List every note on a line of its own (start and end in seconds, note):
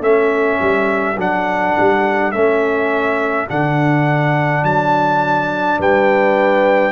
0.00 0.58 A3
0.00 1.17 C#4
0.00 5.78 A4
0.00 1.18 E5
0.61 1.17 G3
1.17 1.74 F#3
1.17 2.33 D4
1.17 2.32 F#5
1.79 2.33 G3
2.32 3.48 A3
2.32 3.48 C#4
2.32 3.47 E5
3.48 4.63 D3
3.48 6.92 D4
3.48 4.64 F#5
4.63 5.79 F#3
4.63 5.80 A5
5.79 6.92 G3
5.79 6.92 B4
5.79 6.92 G5